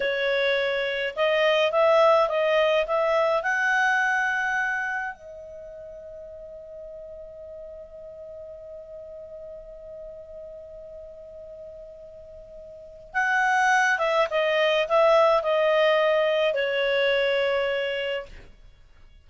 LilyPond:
\new Staff \with { instrumentName = "clarinet" } { \time 4/4 \tempo 4 = 105 cis''2 dis''4 e''4 | dis''4 e''4 fis''2~ | fis''4 dis''2.~ | dis''1~ |
dis''1~ | dis''2. fis''4~ | fis''8 e''8 dis''4 e''4 dis''4~ | dis''4 cis''2. | }